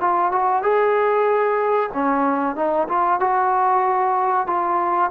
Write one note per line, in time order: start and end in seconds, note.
0.00 0.31 F4
0.31 0.62 F#4
0.62 1.90 G#4
1.93 2.55 C#4
2.55 2.87 D#4
2.88 3.19 F4
3.19 4.46 F#4
4.46 5.10 F4